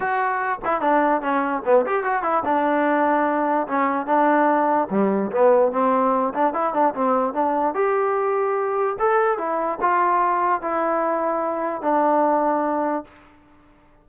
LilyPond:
\new Staff \with { instrumentName = "trombone" } { \time 4/4 \tempo 4 = 147 fis'4. e'8 d'4 cis'4 | b8 g'8 fis'8 e'8 d'2~ | d'4 cis'4 d'2 | g4 b4 c'4. d'8 |
e'8 d'8 c'4 d'4 g'4~ | g'2 a'4 e'4 | f'2 e'2~ | e'4 d'2. | }